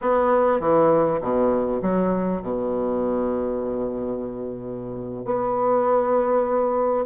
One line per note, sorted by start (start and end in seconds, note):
0.01 0.60 B3
0.60 1.20 E3
1.21 1.81 B2
1.81 2.42 F#3
2.42 5.25 B2
5.25 7.05 B3